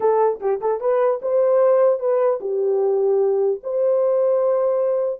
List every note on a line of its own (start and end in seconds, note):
0.00 0.40 A4
0.40 0.60 G4
0.61 0.80 A4
0.80 1.20 B4
1.21 1.99 C5
1.99 2.39 B4
2.40 3.60 G4
3.63 5.20 C5